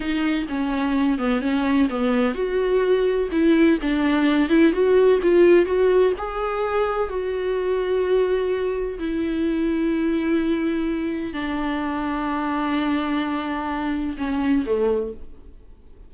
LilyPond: \new Staff \with { instrumentName = "viola" } { \time 4/4 \tempo 4 = 127 dis'4 cis'4. b8 cis'4 | b4 fis'2 e'4 | d'4. e'8 fis'4 f'4 | fis'4 gis'2 fis'4~ |
fis'2. e'4~ | e'1 | d'1~ | d'2 cis'4 a4 | }